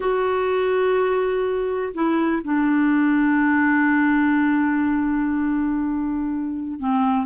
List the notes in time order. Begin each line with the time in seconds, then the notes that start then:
0.00 F#4
1.94 E4
2.44 D4
6.79 C4